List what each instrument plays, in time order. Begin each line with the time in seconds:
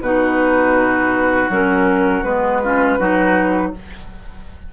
0.00 bassoon B2, clarinet D#4, oboe F#4, flute B4
1.49 bassoon F#3, clarinet C#4, flute A#4
2.23 bassoon G#3, clarinet B3, flute B4
2.63 clarinet C#4, oboe F4
2.98 bassoon F#3, clarinet D#4, oboe F#4